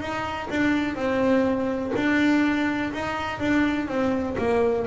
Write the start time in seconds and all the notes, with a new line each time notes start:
0.00 D#4
0.49 D4
0.95 C4
1.95 D4
2.93 D#4
3.39 D4
3.88 C4
4.38 A#3